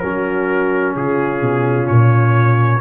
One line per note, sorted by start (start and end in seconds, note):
0.00 0.96 F#3
0.00 2.81 C#4
0.00 0.95 F#4
0.00 0.94 A#4
0.96 1.42 C#3
0.96 2.81 F4
0.96 1.88 G#4
1.42 1.88 B2
1.88 2.81 A#2
1.88 2.81 C#5